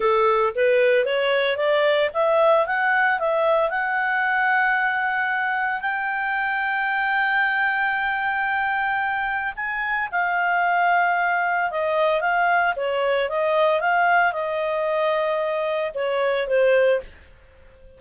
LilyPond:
\new Staff \with { instrumentName = "clarinet" } { \time 4/4 \tempo 4 = 113 a'4 b'4 cis''4 d''4 | e''4 fis''4 e''4 fis''4~ | fis''2. g''4~ | g''1~ |
g''2 gis''4 f''4~ | f''2 dis''4 f''4 | cis''4 dis''4 f''4 dis''4~ | dis''2 cis''4 c''4 | }